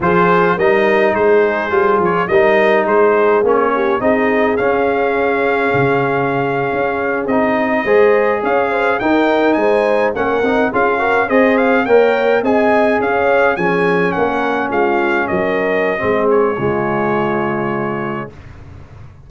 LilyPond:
<<
  \new Staff \with { instrumentName = "trumpet" } { \time 4/4 \tempo 4 = 105 c''4 dis''4 c''4. cis''8 | dis''4 c''4 cis''4 dis''4 | f''1~ | f''8. dis''2 f''4 g''16~ |
g''8. gis''4 fis''4 f''4 dis''16~ | dis''16 f''8 g''4 gis''4 f''4 gis''16~ | gis''8. fis''4 f''4 dis''4~ dis''16~ | dis''8 cis''2.~ cis''8 | }
  \new Staff \with { instrumentName = "horn" } { \time 4/4 gis'4 ais'4 gis'2 | ais'4 gis'4. g'8 gis'4~ | gis'1~ | gis'4.~ gis'16 c''4 cis''8 c''8 ais'16~ |
ais'8. c''4 ais'4 gis'8 ais'8 c''16~ | c''8. cis''4 dis''4 cis''4 gis'16~ | gis'8. ais'4 f'4 ais'4~ ais'16 | gis'4 f'2. | }
  \new Staff \with { instrumentName = "trombone" } { \time 4/4 f'4 dis'2 f'4 | dis'2 cis'4 dis'4 | cis'1~ | cis'8. dis'4 gis'2 dis'16~ |
dis'4.~ dis'16 cis'8 dis'8 f'8 fis'8 gis'16~ | gis'8. ais'4 gis'2 cis'16~ | cis'1 | c'4 gis2. | }
  \new Staff \with { instrumentName = "tuba" } { \time 4/4 f4 g4 gis4 g8 f8 | g4 gis4 ais4 c'4 | cis'2 cis4.~ cis16 cis'16~ | cis'8. c'4 gis4 cis'4 dis'16~ |
dis'8. gis4 ais8 c'8 cis'4 c'16~ | c'8. ais4 c'4 cis'4 f16~ | f8. ais4 gis4 fis4~ fis16 | gis4 cis2. | }
>>